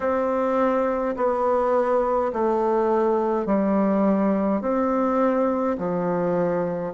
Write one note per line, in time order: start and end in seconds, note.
0.00 1.15 C4
1.16 2.31 B3
2.32 3.46 A3
3.46 4.61 G3
4.61 5.76 C4
5.77 6.93 F3